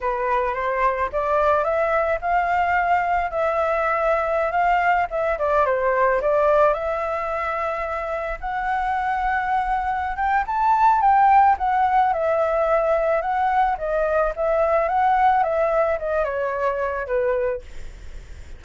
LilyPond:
\new Staff \with { instrumentName = "flute" } { \time 4/4 \tempo 4 = 109 b'4 c''4 d''4 e''4 | f''2 e''2~ | e''16 f''4 e''8 d''8 c''4 d''8.~ | d''16 e''2. fis''8.~ |
fis''2~ fis''8 g''8 a''4 | g''4 fis''4 e''2 | fis''4 dis''4 e''4 fis''4 | e''4 dis''8 cis''4. b'4 | }